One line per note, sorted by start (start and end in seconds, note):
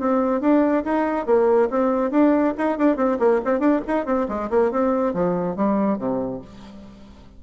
0.00 0.41 C4
0.41 0.84 D4
0.85 1.26 D#4
1.26 1.69 A#3
1.70 2.11 C4
2.11 2.54 D4
2.58 2.79 D#4
2.79 2.97 D4
2.97 3.19 C4
3.20 3.41 A#3
3.45 3.60 C4
3.60 3.81 D4
3.87 4.06 D#4
4.06 4.28 C4
4.29 4.50 G#3
4.50 4.72 A#3
4.72 5.14 C4
5.14 5.57 F3
5.57 5.99 G3
5.99 6.41 C3